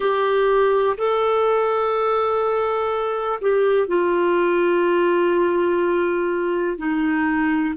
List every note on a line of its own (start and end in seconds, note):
0.00 0.96 G4
0.97 3.39 A4
3.41 3.87 G4
3.87 6.77 F4
6.77 7.74 D#4